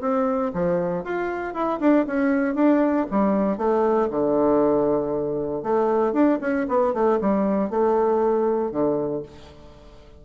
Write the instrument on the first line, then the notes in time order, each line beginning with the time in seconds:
bassoon
0.00 C4
0.53 F3
1.04 F4
1.54 E4
1.80 D4
2.07 C#4
2.55 D4
3.10 G3
3.57 A3
4.10 D3
5.62 A3
6.13 D4
6.40 C#4
6.68 B3
6.93 A3
7.20 G3
7.70 A3
8.71 D3